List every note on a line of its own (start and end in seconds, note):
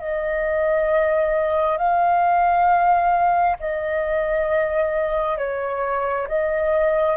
0.00 1.77 D#5
1.77 3.57 F5
3.59 5.37 D#5
5.37 6.27 C#5
6.27 7.16 D#5